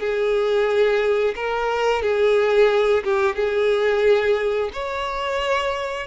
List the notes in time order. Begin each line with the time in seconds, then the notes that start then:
0.00 G#4
1.36 A#4
2.02 G#4
3.04 G4
3.36 G#4
4.73 C#5